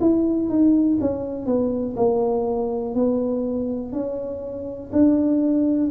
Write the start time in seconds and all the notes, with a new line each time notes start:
0.00 E4
0.49 D#4
1.01 C#4
1.46 B3
1.96 A#3
2.95 B3
3.92 C#4
4.92 D4